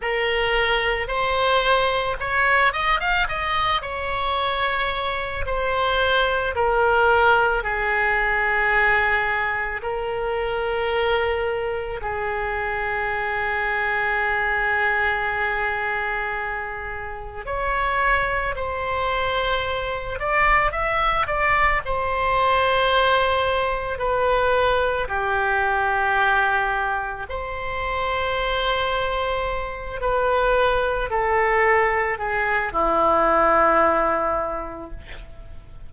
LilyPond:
\new Staff \with { instrumentName = "oboe" } { \time 4/4 \tempo 4 = 55 ais'4 c''4 cis''8 dis''16 f''16 dis''8 cis''8~ | cis''4 c''4 ais'4 gis'4~ | gis'4 ais'2 gis'4~ | gis'1 |
cis''4 c''4. d''8 e''8 d''8 | c''2 b'4 g'4~ | g'4 c''2~ c''8 b'8~ | b'8 a'4 gis'8 e'2 | }